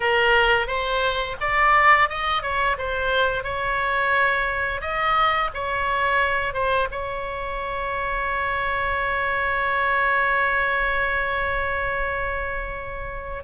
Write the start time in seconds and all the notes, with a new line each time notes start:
0.00 A#4
0.67 C5
1.40 D5
2.09 D#5
2.42 C#5
2.77 C5
3.43 C#5
4.81 D#5
5.54 C#5
6.53 C5
6.91 C#5